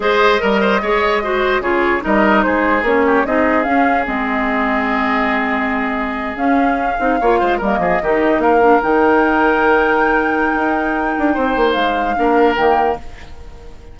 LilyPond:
<<
  \new Staff \with { instrumentName = "flute" } { \time 4/4 \tempo 4 = 148 dis''1 | cis''4 dis''4 c''4 cis''4 | dis''4 f''4 dis''2~ | dis''2.~ dis''8. f''16~ |
f''2~ f''8. dis''4~ dis''16~ | dis''8. f''4 g''2~ g''16~ | g''1~ | g''4 f''2 g''4 | }
  \new Staff \with { instrumentName = "oboe" } { \time 4/4 c''4 ais'8 c''8 cis''4 c''4 | gis'4 ais'4 gis'4. g'8 | gis'1~ | gis'1~ |
gis'4.~ gis'16 cis''8 c''8 ais'8 gis'8 g'16~ | g'8. ais'2.~ ais'16~ | ais'1 | c''2 ais'2 | }
  \new Staff \with { instrumentName = "clarinet" } { \time 4/4 gis'4 ais'4 gis'4 fis'4 | f'4 dis'2 cis'4 | dis'4 cis'4 c'2~ | c'2.~ c'8. cis'16~ |
cis'4~ cis'16 dis'8 f'4 ais4 dis'16~ | dis'4~ dis'16 d'8 dis'2~ dis'16~ | dis'1~ | dis'2 d'4 ais4 | }
  \new Staff \with { instrumentName = "bassoon" } { \time 4/4 gis4 g4 gis2 | cis4 g4 gis4 ais4 | c'4 cis'4 gis2~ | gis2.~ gis8. cis'16~ |
cis'4~ cis'16 c'8 ais8 gis8 g8 f8 dis16~ | dis8. ais4 dis2~ dis16~ | dis2 dis'4. d'8 | c'8 ais8 gis4 ais4 dis4 | }
>>